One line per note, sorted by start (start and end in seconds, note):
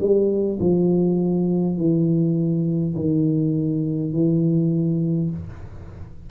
0.00 0.59 G3
0.60 1.78 F3
1.78 2.95 E3
2.96 4.13 D#3
4.13 5.31 E3